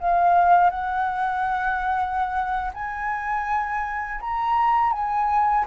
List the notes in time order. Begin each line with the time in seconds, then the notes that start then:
0.00 F5
0.71 F#5
2.74 G#5
4.21 A#5
4.93 G#5